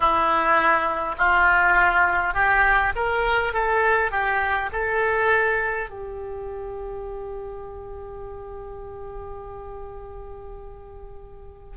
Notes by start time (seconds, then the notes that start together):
0.00 E4
1.18 F4
2.34 G4
2.95 A#4
3.53 A4
4.11 G4
4.72 A4
5.89 G4